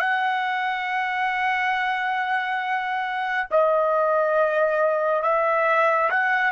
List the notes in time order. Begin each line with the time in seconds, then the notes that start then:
0.00 F#5
3.51 D#5
5.23 E5
6.10 F#5